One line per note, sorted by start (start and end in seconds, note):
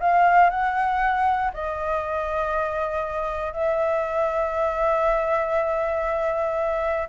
0.00 0.50 F5
0.50 1.52 F#5
1.54 3.53 D#5
3.53 7.09 E5